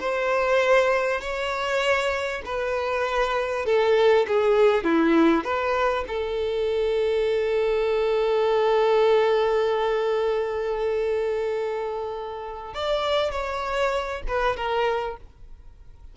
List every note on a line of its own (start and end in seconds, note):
0.00 1.21 C5
1.21 2.42 C#5
2.45 3.66 B4
3.66 4.26 A4
4.28 4.84 G#4
4.84 5.44 E4
5.44 6.05 B4
6.08 12.74 A4
12.74 13.31 D5
13.31 14.22 C#5
14.28 14.56 B4
14.56 15.17 A#4